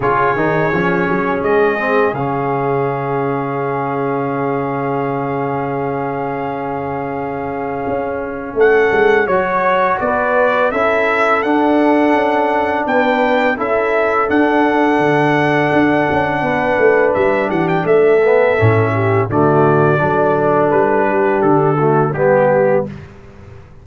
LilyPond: <<
  \new Staff \with { instrumentName = "trumpet" } { \time 4/4 \tempo 4 = 84 cis''2 dis''4 f''4~ | f''1~ | f''1 | fis''4 cis''4 d''4 e''4 |
fis''2 g''4 e''4 | fis''1 | e''8 fis''16 g''16 e''2 d''4~ | d''4 b'4 a'4 g'4 | }
  \new Staff \with { instrumentName = "horn" } { \time 4/4 gis'1~ | gis'1~ | gis'1 | a'4 cis''4 b'4 a'4~ |
a'2 b'4 a'4~ | a'2. b'4~ | b'8 g'8 a'4. g'8 fis'4 | a'4. g'4 fis'8 g'4 | }
  \new Staff \with { instrumentName = "trombone" } { \time 4/4 f'8 dis'8 cis'4. c'8 cis'4~ | cis'1~ | cis'1~ | cis'4 fis'2 e'4 |
d'2. e'4 | d'1~ | d'4. b8 cis'4 a4 | d'2~ d'8 a8 b4 | }
  \new Staff \with { instrumentName = "tuba" } { \time 4/4 cis8 dis8 f8 fis8 gis4 cis4~ | cis1~ | cis2. cis'4 | a8 gis8 fis4 b4 cis'4 |
d'4 cis'4 b4 cis'4 | d'4 d4 d'8 cis'8 b8 a8 | g8 e8 a4 a,4 d4 | fis4 g4 d4 g4 | }
>>